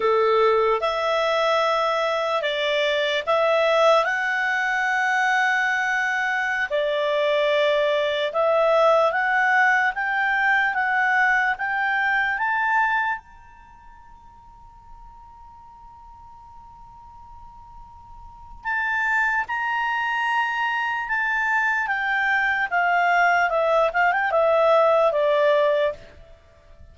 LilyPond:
\new Staff \with { instrumentName = "clarinet" } { \time 4/4 \tempo 4 = 74 a'4 e''2 d''4 | e''4 fis''2.~ | fis''16 d''2 e''4 fis''8.~ | fis''16 g''4 fis''4 g''4 a''8.~ |
a''16 ais''2.~ ais''8.~ | ais''2. a''4 | ais''2 a''4 g''4 | f''4 e''8 f''16 g''16 e''4 d''4 | }